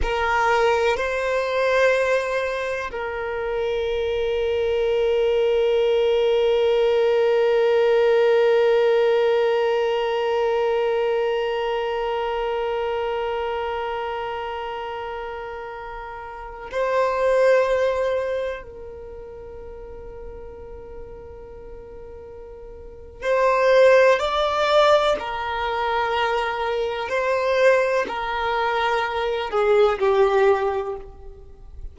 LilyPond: \new Staff \with { instrumentName = "violin" } { \time 4/4 \tempo 4 = 62 ais'4 c''2 ais'4~ | ais'1~ | ais'1~ | ais'1~ |
ais'4~ ais'16 c''2 ais'8.~ | ais'1 | c''4 d''4 ais'2 | c''4 ais'4. gis'8 g'4 | }